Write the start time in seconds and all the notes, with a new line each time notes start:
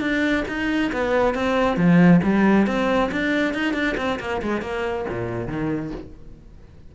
0.00 D4
0.48 D#4
0.92 B3
1.34 C4
1.76 F3
2.23 G3
2.66 C4
3.11 D4
3.53 D#4
3.73 D4
3.97 C4
4.19 A#3
4.42 G#3
4.61 A#3
5.09 A#2
5.47 D#3